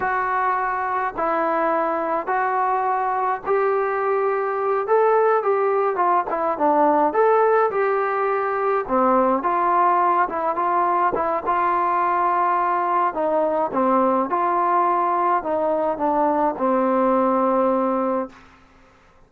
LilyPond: \new Staff \with { instrumentName = "trombone" } { \time 4/4 \tempo 4 = 105 fis'2 e'2 | fis'2 g'2~ | g'8 a'4 g'4 f'8 e'8 d'8~ | d'8 a'4 g'2 c'8~ |
c'8 f'4. e'8 f'4 e'8 | f'2. dis'4 | c'4 f'2 dis'4 | d'4 c'2. | }